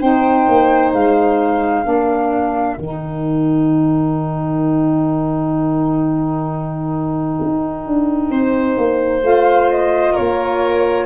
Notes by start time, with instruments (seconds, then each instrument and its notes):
0.00 tuba C4, saxophone D#4, violin C5, flute G5
0.48 tuba A#3
0.93 tuba G#3, flute F5
1.84 tuba A#3, saxophone D4, violin A#4
2.77 tuba D#3, saxophone D#4, flute G5
7.42 tuba D#4
7.86 tuba D4
8.30 tuba C4, violin C5
8.77 tuba A#3
9.22 tuba A3, saxophone F4, flute F5
9.70 flute D#5
10.12 violin A#4, flute C#5
10.19 tuba A#3